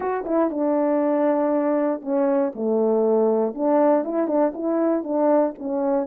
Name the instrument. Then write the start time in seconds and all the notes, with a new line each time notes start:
horn
0.00 F#4
0.25 E4
0.50 D4
2.01 C#4
2.55 A3
3.54 D4
4.04 E4
4.27 D4
4.54 E4
5.03 D4
5.58 C#4